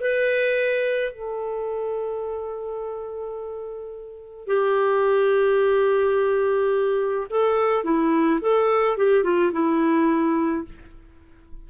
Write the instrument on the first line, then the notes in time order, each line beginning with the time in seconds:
clarinet
0.00 B4
1.12 A4
4.47 G4
7.30 A4
7.84 E4
8.41 A4
8.97 G4
9.24 F4
9.53 E4